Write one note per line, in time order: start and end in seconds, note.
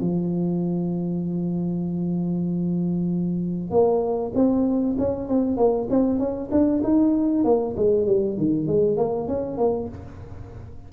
0.00 3.70 F3
3.70 4.32 A#3
4.34 4.96 C4
4.98 5.28 C#4
5.28 5.57 C4
5.57 5.88 A#3
5.90 6.19 C4
6.19 6.50 C#4
6.51 6.82 D4
6.83 7.44 D#4
7.44 7.75 A#3
7.76 8.06 G#3
8.06 8.37 G3
8.37 8.67 D#3
8.67 8.97 G#3
8.97 9.28 A#3
9.28 9.57 C#4
9.57 9.88 A#3